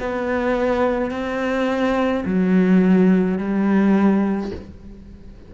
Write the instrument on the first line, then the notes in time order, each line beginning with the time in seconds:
cello
0.00 B3
1.11 C4
2.25 F#3
3.38 G3